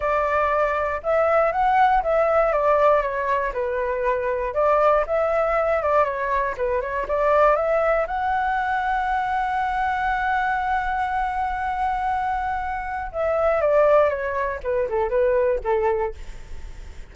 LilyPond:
\new Staff \with { instrumentName = "flute" } { \time 4/4 \tempo 4 = 119 d''2 e''4 fis''4 | e''4 d''4 cis''4 b'4~ | b'4 d''4 e''4. d''8 | cis''4 b'8 cis''8 d''4 e''4 |
fis''1~ | fis''1~ | fis''2 e''4 d''4 | cis''4 b'8 a'8 b'4 a'4 | }